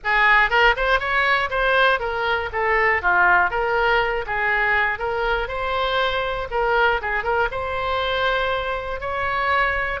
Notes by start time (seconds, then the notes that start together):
0.04 G#4
0.50 A#4
0.76 C5
0.99 C#5
1.50 C5
1.99 A#4
2.52 A4
3.02 F4
3.50 A#4
4.26 G#4
4.98 A#4
5.48 C5
6.50 A#4
7.01 G#4
7.23 A#4
7.51 C5
9.00 C#5